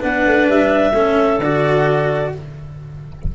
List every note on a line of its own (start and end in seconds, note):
0.00 0.26 B3
0.00 0.92 D4
0.00 0.92 B4
0.00 0.48 F#5
0.26 0.49 A3
0.49 0.92 G3
0.49 1.40 E5
0.92 1.37 A3
0.92 1.40 C#4
0.92 2.31 A4
1.37 2.29 D3
1.37 2.34 F#4
1.37 2.32 D5